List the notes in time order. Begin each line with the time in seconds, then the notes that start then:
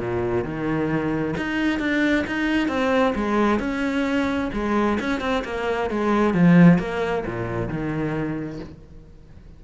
0.00 A#2
0.44 D#3
1.37 D#4
1.80 D4
2.28 D#4
2.69 C4
3.16 G#3
3.60 C#4
4.53 G#3
5.01 C#4
5.21 C4
5.45 A#3
5.91 G#3
6.34 F3
6.79 A#3
7.27 A#2
7.69 D#3